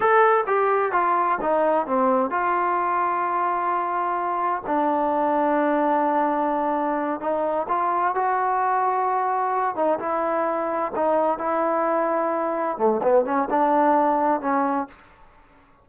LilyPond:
\new Staff \with { instrumentName = "trombone" } { \time 4/4 \tempo 4 = 129 a'4 g'4 f'4 dis'4 | c'4 f'2.~ | f'2 d'2~ | d'2.~ d'8 dis'8~ |
dis'8 f'4 fis'2~ fis'8~ | fis'4 dis'8 e'2 dis'8~ | dis'8 e'2. a8 | b8 cis'8 d'2 cis'4 | }